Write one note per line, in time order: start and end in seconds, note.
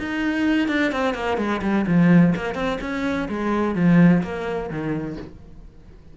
0.00 0.69 D#4
0.69 0.92 D4
0.92 1.15 C4
1.15 1.38 A#3
1.38 1.61 G#3
1.62 1.86 G3
1.88 2.35 F3
2.36 2.55 A#3
2.55 2.79 C4
2.82 3.29 C#4
3.29 3.76 G#3
3.76 4.23 F3
4.23 4.70 A#3
4.70 5.18 D#3